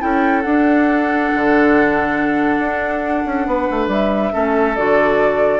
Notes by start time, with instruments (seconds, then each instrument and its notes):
0.00 bassoon C#4, clarinet E4, oboe A4, flute G5
0.42 bassoon D4, clarinet D4, flute F#5
1.35 bassoon D3
2.59 bassoon D4
3.26 bassoon C#4
3.46 bassoon B3, oboe B4
3.71 bassoon A3
3.88 bassoon G3, flute E5
4.32 bassoon A3, clarinet C#4, oboe A4
4.76 bassoon D3, clarinet F#4, flute D5